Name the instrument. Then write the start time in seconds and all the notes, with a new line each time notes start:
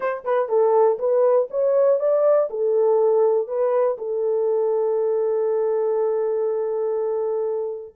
horn
0.00 C5
0.24 B4
0.48 A4
0.98 B4
1.50 C#5
1.99 D5
2.50 A4
3.47 B4
3.98 A4